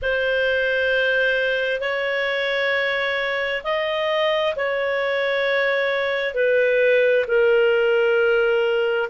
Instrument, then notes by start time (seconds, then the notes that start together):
clarinet
0.02 C5
1.80 C#5
3.63 D#5
4.55 C#5
6.34 B4
7.27 A#4